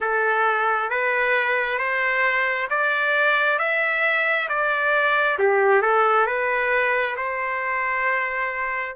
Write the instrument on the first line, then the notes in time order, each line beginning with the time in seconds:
trumpet
0.00 A4
0.90 B4
1.78 C5
2.69 D5
3.59 E5
4.49 D5
5.39 G4
5.82 A4
6.26 B4
7.16 C5